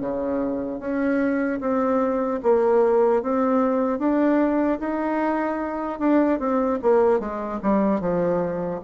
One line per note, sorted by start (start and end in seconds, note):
0.00 0.79 C#3
0.79 1.59 C#4
1.60 2.40 C4
2.43 3.22 A#3
3.22 3.98 C4
3.98 4.78 D4
4.79 5.99 D#4
5.99 6.39 D4
6.39 6.79 C4
6.82 7.19 A#3
7.19 7.59 G#3
7.62 8.00 G3
8.00 8.80 F3